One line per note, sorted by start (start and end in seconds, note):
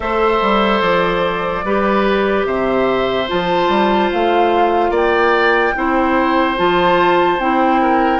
0.00 0.40 A3
0.00 1.63 A4
0.00 1.65 C5
0.00 0.81 E5
0.41 0.81 G3
0.81 1.63 F3
0.81 2.45 D5
1.63 2.45 G3
1.63 3.27 G4
1.63 2.46 B4
2.45 3.27 C3
2.45 4.90 C5
2.45 3.28 E5
3.27 3.68 F3
3.27 5.74 F4
3.27 4.11 A5
3.68 4.10 G3
4.12 4.90 A3
4.12 4.94 F5
4.90 5.72 A#3
4.90 5.73 D5
4.90 6.57 G5
5.75 6.58 C4
5.75 6.56 E4
5.75 7.81 C5
6.56 7.39 F3
6.56 7.38 F4
6.56 7.40 A5
7.39 8.20 C4
7.39 8.20 E4
7.39 8.20 G5
7.81 8.20 A#4